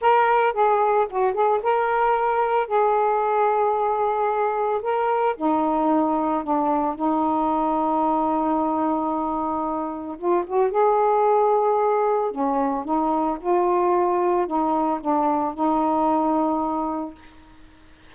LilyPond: \new Staff \with { instrumentName = "saxophone" } { \time 4/4 \tempo 4 = 112 ais'4 gis'4 fis'8 gis'8 ais'4~ | ais'4 gis'2.~ | gis'4 ais'4 dis'2 | d'4 dis'2.~ |
dis'2. f'8 fis'8 | gis'2. cis'4 | dis'4 f'2 dis'4 | d'4 dis'2. | }